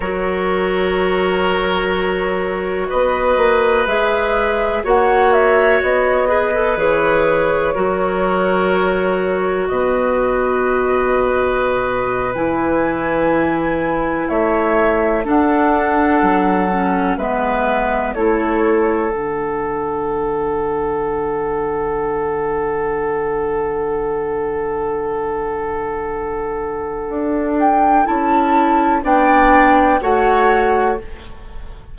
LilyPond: <<
  \new Staff \with { instrumentName = "flute" } { \time 4/4 \tempo 4 = 62 cis''2. dis''4 | e''4 fis''8 e''8 dis''4 cis''4~ | cis''2 dis''2~ | dis''8. gis''2 e''4 fis''16~ |
fis''4.~ fis''16 e''4 cis''4 fis''16~ | fis''1~ | fis''1~ | fis''8 g''8 a''4 g''4 fis''4 | }
  \new Staff \with { instrumentName = "oboe" } { \time 4/4 ais'2. b'4~ | b'4 cis''4. b'4. | ais'2 b'2~ | b'2~ b'8. cis''4 a'16~ |
a'4.~ a'16 b'4 a'4~ a'16~ | a'1~ | a'1~ | a'2 d''4 cis''4 | }
  \new Staff \with { instrumentName = "clarinet" } { \time 4/4 fis'1 | gis'4 fis'4. gis'16 a'16 gis'4 | fis'1~ | fis'8. e'2. d'16~ |
d'4~ d'16 cis'8 b4 e'4 d'16~ | d'1~ | d'1~ | d'4 e'4 d'4 fis'4 | }
  \new Staff \with { instrumentName = "bassoon" } { \time 4/4 fis2. b8 ais8 | gis4 ais4 b4 e4 | fis2 b,2~ | b,8. e2 a4 d'16~ |
d'8. fis4 gis4 a4 d16~ | d1~ | d1 | d'4 cis'4 b4 a4 | }
>>